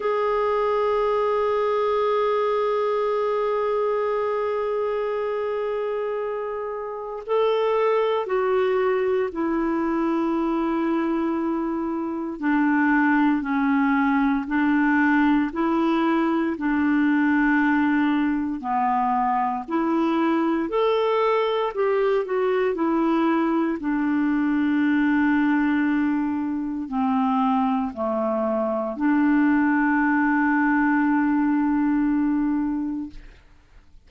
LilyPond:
\new Staff \with { instrumentName = "clarinet" } { \time 4/4 \tempo 4 = 58 gis'1~ | gis'2. a'4 | fis'4 e'2. | d'4 cis'4 d'4 e'4 |
d'2 b4 e'4 | a'4 g'8 fis'8 e'4 d'4~ | d'2 c'4 a4 | d'1 | }